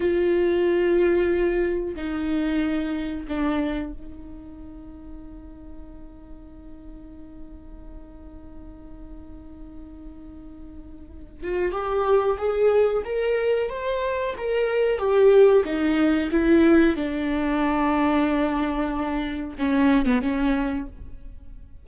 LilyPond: \new Staff \with { instrumentName = "viola" } { \time 4/4 \tempo 4 = 92 f'2. dis'4~ | dis'4 d'4 dis'2~ | dis'1~ | dis'1~ |
dis'4. f'8 g'4 gis'4 | ais'4 c''4 ais'4 g'4 | dis'4 e'4 d'2~ | d'2 cis'8. b16 cis'4 | }